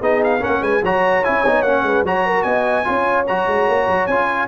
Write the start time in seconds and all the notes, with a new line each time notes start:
0.00 B3 D#4 G#4 D#5
0.24 F5
0.40 C#4 A#4 F#5
0.46 A#3
0.61 G#3 B4 G#5
0.83 F#3 F#4 C#5 A#5
1.24 C#4 E4 G#5
1.46 B3 D#4
1.62 A#3 C#4 F#5
1.83 G#3 B4
2.03 F#3 F#4 C#5 A#5
2.26 A#4
2.43 B3 D#5 G#5
2.85 C#4 F4 C#5
3.27 F#3 F#4 A#5
3.47 G#3
3.67 A#3
3.88 F#3
4.06 C#4 F4 G#5